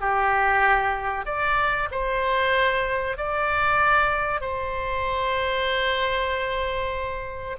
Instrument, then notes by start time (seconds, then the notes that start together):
oboe
0.00 G4
1.25 D5
1.91 C5
3.17 D5
4.41 C5